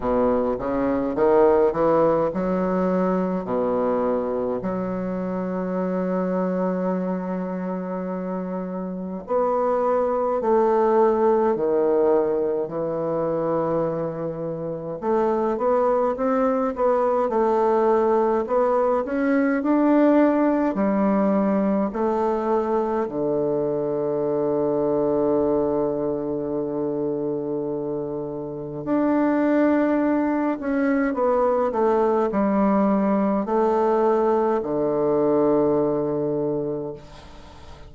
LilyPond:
\new Staff \with { instrumentName = "bassoon" } { \time 4/4 \tempo 4 = 52 b,8 cis8 dis8 e8 fis4 b,4 | fis1 | b4 a4 dis4 e4~ | e4 a8 b8 c'8 b8 a4 |
b8 cis'8 d'4 g4 a4 | d1~ | d4 d'4. cis'8 b8 a8 | g4 a4 d2 | }